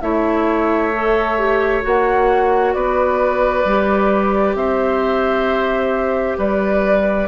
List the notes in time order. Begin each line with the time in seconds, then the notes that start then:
0.00 A3 E4 C#5 E5
0.92 A4
1.38 G4
1.82 A#3 F#4 F#5
2.73 B3 B4 D5
3.64 G3 G4
4.54 C4 C5 E5
6.37 G3 B4 D5